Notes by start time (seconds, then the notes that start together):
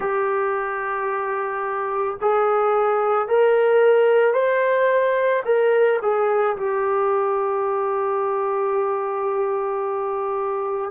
0.00 G4
2.21 G#4
3.27 A#4
4.33 C5
5.45 A#4
6.01 G#4
6.57 G4